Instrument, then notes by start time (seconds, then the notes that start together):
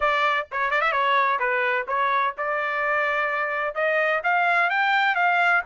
trumpet
0.00 D5
0.51 C#5
0.70 D5
0.81 E5
0.92 C#5
1.39 B4
1.87 C#5
2.37 D5
3.75 D#5
4.23 F5
4.70 G5
5.15 F5